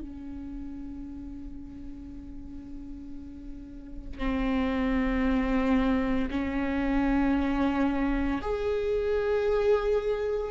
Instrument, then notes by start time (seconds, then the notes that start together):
viola
0.00 C#4
4.18 C4
6.30 C#4
8.41 G#4